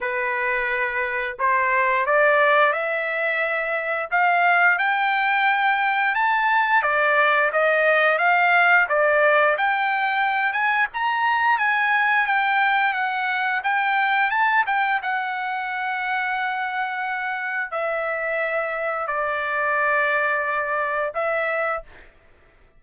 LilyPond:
\new Staff \with { instrumentName = "trumpet" } { \time 4/4 \tempo 4 = 88 b'2 c''4 d''4 | e''2 f''4 g''4~ | g''4 a''4 d''4 dis''4 | f''4 d''4 g''4. gis''8 |
ais''4 gis''4 g''4 fis''4 | g''4 a''8 g''8 fis''2~ | fis''2 e''2 | d''2. e''4 | }